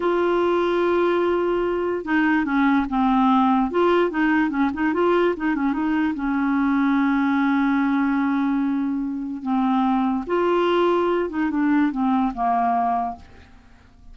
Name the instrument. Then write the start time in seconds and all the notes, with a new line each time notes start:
clarinet
0.00 F4
2.04 D#4
2.45 C#4
2.89 C4
3.70 F4
4.10 D#4
4.49 C#4
4.73 D#4
4.93 F4
5.36 D#4
5.55 C#4
5.72 D#4
6.14 C#4
9.42 C4
10.26 F4
11.29 D#4
11.50 D4
11.91 C4
12.33 A#3